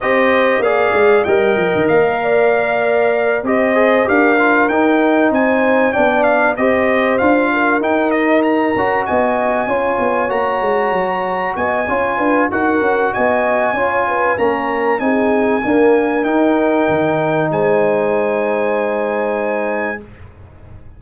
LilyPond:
<<
  \new Staff \with { instrumentName = "trumpet" } { \time 4/4 \tempo 4 = 96 dis''4 f''4 g''4 f''4~ | f''4. dis''4 f''4 g''8~ | g''8 gis''4 g''8 f''8 dis''4 f''8~ | f''8 g''8 dis''8 ais''4 gis''4.~ |
gis''8 ais''2 gis''4. | fis''4 gis''2 ais''4 | gis''2 g''2 | gis''1 | }
  \new Staff \with { instrumentName = "horn" } { \time 4/4 c''4 d''4 dis''4. d''8~ | d''4. c''4 ais'4.~ | ais'8 c''4 d''4 c''4. | ais'2~ ais'8 dis''4 cis''8~ |
cis''2~ cis''8 dis''8 cis''8 b'8 | ais'4 dis''4 cis''8 b'8 ais'4 | gis'4 ais'2. | c''1 | }
  \new Staff \with { instrumentName = "trombone" } { \time 4/4 g'4 gis'4 ais'2~ | ais'4. g'8 gis'8 g'8 f'8 dis'8~ | dis'4. d'4 g'4 f'8~ | f'8 dis'4. fis'4. f'8~ |
f'8 fis'2~ fis'8 f'4 | fis'2 f'4 cis'4 | dis'4 ais4 dis'2~ | dis'1 | }
  \new Staff \with { instrumentName = "tuba" } { \time 4/4 c'4 ais8 gis8 g8 f16 dis16 ais4~ | ais4. c'4 d'4 dis'8~ | dis'8 c'4 b4 c'4 d'8~ | d'8 dis'4. cis'8 b4 cis'8 |
b8 ais8 gis8 fis4 b8 cis'8 d'8 | dis'8 cis'8 b4 cis'4 ais4 | c'4 d'4 dis'4 dis4 | gis1 | }
>>